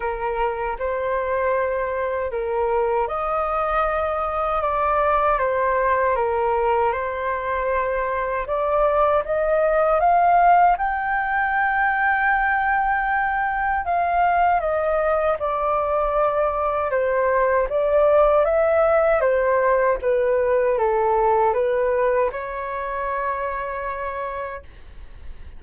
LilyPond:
\new Staff \with { instrumentName = "flute" } { \time 4/4 \tempo 4 = 78 ais'4 c''2 ais'4 | dis''2 d''4 c''4 | ais'4 c''2 d''4 | dis''4 f''4 g''2~ |
g''2 f''4 dis''4 | d''2 c''4 d''4 | e''4 c''4 b'4 a'4 | b'4 cis''2. | }